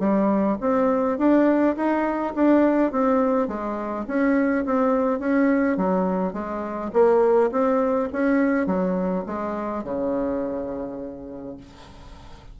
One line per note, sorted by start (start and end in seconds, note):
0.00 0.58 G3
0.61 1.19 C4
1.19 1.76 D4
1.77 2.34 D#4
2.35 2.92 D4
2.92 3.48 C4
3.48 4.06 G#3
4.08 4.65 C#4
4.66 5.20 C4
5.20 5.77 C#4
5.77 6.34 F#3
6.34 6.91 G#3
6.93 7.51 A#3
7.52 8.09 C4
8.13 8.67 C#4
8.67 9.25 F#3
9.26 9.84 G#3
9.84 11.58 C#3